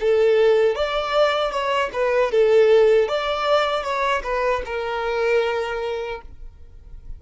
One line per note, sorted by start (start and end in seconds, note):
0.00 0.75 A4
0.75 1.51 D5
1.51 1.90 C#5
1.93 2.31 B4
2.31 3.08 A4
3.08 3.83 D5
3.83 4.22 C#5
4.23 4.62 B4
4.65 6.21 A#4